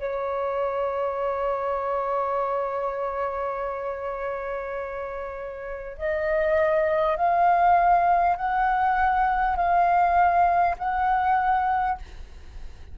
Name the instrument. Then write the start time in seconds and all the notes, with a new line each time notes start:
flute
0.00 C#5
5.98 D#5
7.17 F5
8.37 F#5
9.57 F5
10.78 F#5